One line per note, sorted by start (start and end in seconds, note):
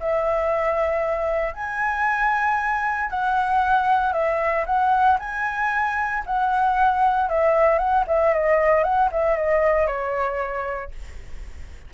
0.00 1.54 E5
1.54 3.10 G#5
3.10 4.13 F#5
4.13 4.65 E5
4.66 5.18 F#5
5.19 6.24 G#5
6.26 7.29 F#5
7.29 7.78 E5
7.78 8.04 F#5
8.07 8.33 E5
8.34 8.84 D#5
8.84 9.10 F#5
9.12 9.36 E5
9.36 9.87 D#5
9.87 10.91 C#5